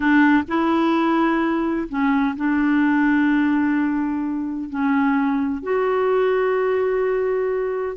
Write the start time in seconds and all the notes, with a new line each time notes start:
0.00 D4
0.48 E4
1.88 C#4
2.36 D4
4.69 C#4
5.62 F#4